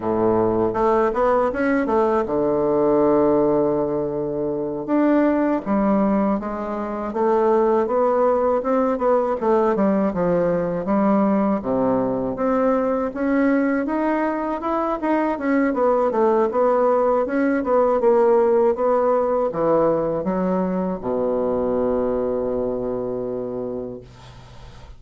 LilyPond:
\new Staff \with { instrumentName = "bassoon" } { \time 4/4 \tempo 4 = 80 a,4 a8 b8 cis'8 a8 d4~ | d2~ d8 d'4 g8~ | g8 gis4 a4 b4 c'8 | b8 a8 g8 f4 g4 c8~ |
c8 c'4 cis'4 dis'4 e'8 | dis'8 cis'8 b8 a8 b4 cis'8 b8 | ais4 b4 e4 fis4 | b,1 | }